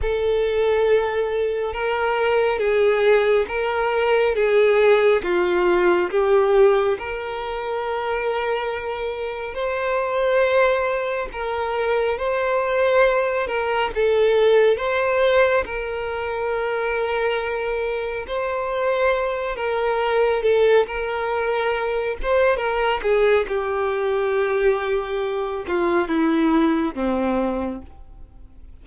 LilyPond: \new Staff \with { instrumentName = "violin" } { \time 4/4 \tempo 4 = 69 a'2 ais'4 gis'4 | ais'4 gis'4 f'4 g'4 | ais'2. c''4~ | c''4 ais'4 c''4. ais'8 |
a'4 c''4 ais'2~ | ais'4 c''4. ais'4 a'8 | ais'4. c''8 ais'8 gis'8 g'4~ | g'4. f'8 e'4 c'4 | }